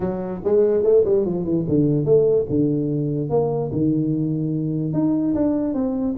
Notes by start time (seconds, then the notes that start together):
0.00 F#3
0.44 G#3
0.83 A3
1.04 G3
1.25 F3
1.44 E3
1.68 D3
2.05 A3
2.49 D3
3.29 A#3
3.72 D#3
4.93 D#4
5.34 D4
5.74 C4